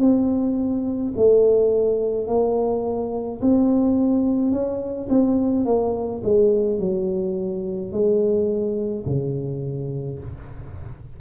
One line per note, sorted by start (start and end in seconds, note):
0.00 1.13 C4
1.16 2.27 A3
2.27 3.40 A#3
3.41 4.51 C4
4.51 5.08 C#4
5.09 5.65 C4
5.65 6.22 A#3
6.23 6.79 G#3
6.79 7.92 F#3
7.92 9.05 G#3
9.06 10.19 C#3